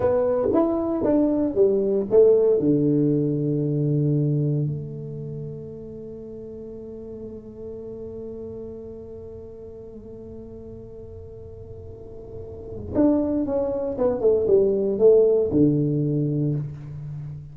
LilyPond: \new Staff \with { instrumentName = "tuba" } { \time 4/4 \tempo 4 = 116 b4 e'4 d'4 g4 | a4 d2.~ | d4 a2.~ | a1~ |
a1~ | a1~ | a4 d'4 cis'4 b8 a8 | g4 a4 d2 | }